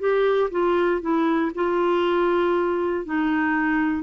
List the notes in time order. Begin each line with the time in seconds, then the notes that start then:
0.00 G4
0.51 F4
1.02 E4
1.55 F4
3.05 D#4